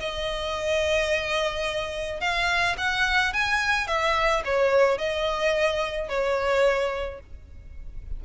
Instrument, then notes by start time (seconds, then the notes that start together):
violin
0.00 D#5
2.20 F5
2.78 F#5
3.33 G#5
3.87 E5
4.45 C#5
4.98 D#5
6.09 C#5